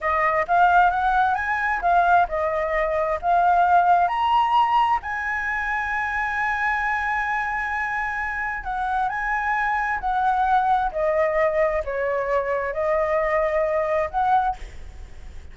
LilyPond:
\new Staff \with { instrumentName = "flute" } { \time 4/4 \tempo 4 = 132 dis''4 f''4 fis''4 gis''4 | f''4 dis''2 f''4~ | f''4 ais''2 gis''4~ | gis''1~ |
gis''2. fis''4 | gis''2 fis''2 | dis''2 cis''2 | dis''2. fis''4 | }